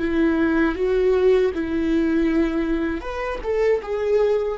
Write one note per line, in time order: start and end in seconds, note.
0.00 0.76 E4
0.76 1.52 F#4
1.55 3.01 E4
3.01 3.39 B4
3.43 3.81 A4
3.83 4.58 G#4